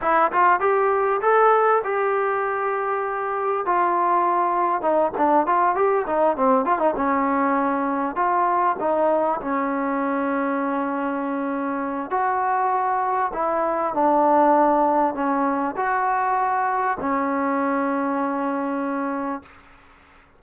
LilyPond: \new Staff \with { instrumentName = "trombone" } { \time 4/4 \tempo 4 = 99 e'8 f'8 g'4 a'4 g'4~ | g'2 f'2 | dis'8 d'8 f'8 g'8 dis'8 c'8 f'16 dis'16 cis'8~ | cis'4. f'4 dis'4 cis'8~ |
cis'1 | fis'2 e'4 d'4~ | d'4 cis'4 fis'2 | cis'1 | }